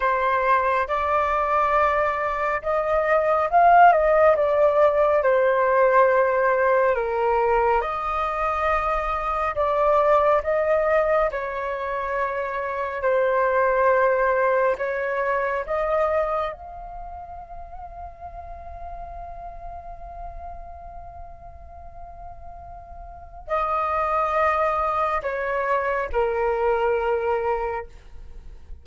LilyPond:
\new Staff \with { instrumentName = "flute" } { \time 4/4 \tempo 4 = 69 c''4 d''2 dis''4 | f''8 dis''8 d''4 c''2 | ais'4 dis''2 d''4 | dis''4 cis''2 c''4~ |
c''4 cis''4 dis''4 f''4~ | f''1~ | f''2. dis''4~ | dis''4 cis''4 ais'2 | }